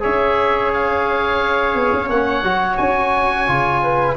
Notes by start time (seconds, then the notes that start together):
0.00 C#4 G#4 C#5 E5
0.73 F5
1.75 B3
1.93 C#4
2.09 A#3 C#4 F#5
2.43 F#3 F#4
2.77 C#4 G#5
3.47 C#3 F4
3.82 B4